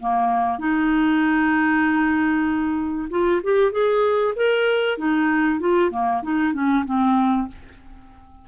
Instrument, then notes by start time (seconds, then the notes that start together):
clarinet
0.00 A#3
0.59 D#4
3.10 F4
3.43 G4
3.72 G#4
4.36 A#4
4.98 D#4
5.60 F4
5.91 A#3
6.23 D#4
6.54 C#4
6.85 C4